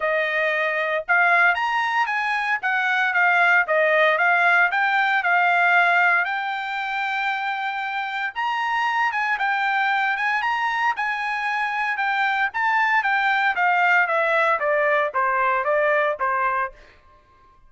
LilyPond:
\new Staff \with { instrumentName = "trumpet" } { \time 4/4 \tempo 4 = 115 dis''2 f''4 ais''4 | gis''4 fis''4 f''4 dis''4 | f''4 g''4 f''2 | g''1 |
ais''4. gis''8 g''4. gis''8 | ais''4 gis''2 g''4 | a''4 g''4 f''4 e''4 | d''4 c''4 d''4 c''4 | }